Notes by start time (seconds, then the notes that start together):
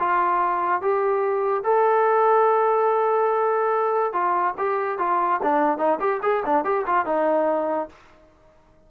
0.00 F4
0.82 G4
1.64 A4
4.13 F4
4.58 G4
4.99 F4
5.43 D4
5.79 D#4
6.00 G4
6.23 G#4
6.46 D4
6.65 G4
6.87 F4
7.06 D#4